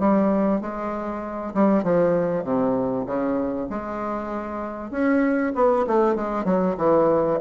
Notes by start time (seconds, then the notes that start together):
0.00 G3
0.61 G#3
1.55 G3
1.84 F3
2.44 C3
3.07 C#3
3.70 G#3
4.91 C#4
5.56 B3
5.88 A3
6.16 G#3
6.45 F#3
6.78 E3